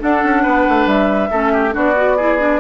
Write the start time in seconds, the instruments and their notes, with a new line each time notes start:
0.00 clarinet D4, bassoon D4, oboe A4, flute F#5
0.24 bassoon C#4
0.43 bassoon B3, oboe B4
0.69 bassoon A3
0.86 bassoon G3, flute E5
1.31 bassoon A3, clarinet C#4, oboe A4
1.53 oboe G4
1.72 bassoon B3, clarinet D4, oboe F#4, flute D5
1.96 clarinet F#4
2.17 clarinet E4, oboe G#4
2.40 clarinet D4